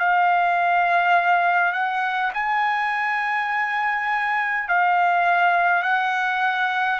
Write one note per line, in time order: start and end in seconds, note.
0.00 1.73 F5
1.73 2.32 F#5
2.34 4.69 G#5
4.69 5.83 F5
5.83 7.00 F#5